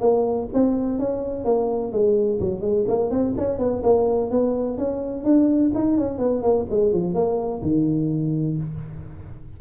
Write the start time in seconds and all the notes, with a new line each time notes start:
0.00 A#3
0.53 C4
0.99 C#4
1.44 A#3
1.92 G#3
2.40 F#3
2.61 G#3
2.87 A#3
3.10 C4
3.37 C#4
3.58 B3
3.83 A#3
4.30 B3
4.78 C#4
5.24 D4
5.74 D#4
5.97 C#4
6.18 B3
6.42 A#3
6.70 G#3
6.92 F3
7.14 A#3
7.62 D#3